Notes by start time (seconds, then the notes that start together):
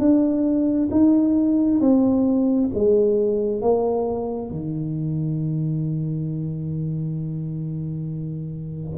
0.00 D4
0.92 D#4
1.81 C4
2.75 G#3
3.62 A#3
4.51 D#3